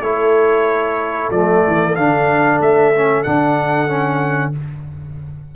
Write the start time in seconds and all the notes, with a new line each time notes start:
0.00 A3 E4 A4 C#5
1.29 F3 A3 D5
1.67 E3
1.95 D3 D4 F5
2.60 A3 E5
2.94 C#4
3.23 D3 D4 F#5
3.87 C#4